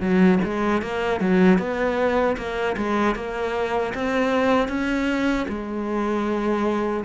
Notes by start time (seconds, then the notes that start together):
0.00 F#3
0.44 G#3
0.82 A#3
1.20 F#3
1.58 B3
2.37 A#3
2.76 G#3
3.15 A#3
3.94 C4
4.68 C#4
5.48 G#3